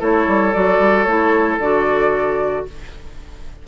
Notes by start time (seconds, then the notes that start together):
0.00 A3 E4 A4 C#5
0.28 G3
0.53 F#3 F#4 D5
0.79 G3
1.04 A3 E4 C#5
1.59 D3 F#4 D5